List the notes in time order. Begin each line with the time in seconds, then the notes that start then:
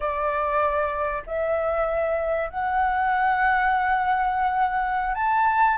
0.00 D5
1.26 E5
2.49 F#5
5.14 A5